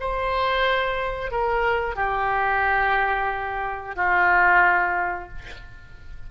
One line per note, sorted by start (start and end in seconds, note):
0.00 1.31 C5
1.31 1.95 A#4
1.95 3.95 G4
3.95 5.29 F4